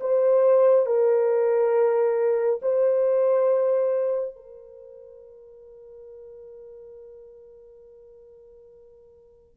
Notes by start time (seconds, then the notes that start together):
0.00 C5
0.86 A#4
2.62 C5
4.35 A#4